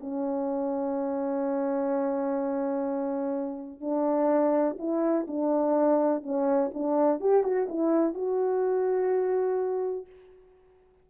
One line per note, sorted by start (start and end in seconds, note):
0.00 3.81 C#4
3.81 4.77 D4
4.78 5.26 E4
5.27 6.23 D4
6.23 6.71 C#4
6.74 7.20 D4
7.20 7.43 G4
7.43 7.67 F#4
7.69 8.14 E4
8.14 10.06 F#4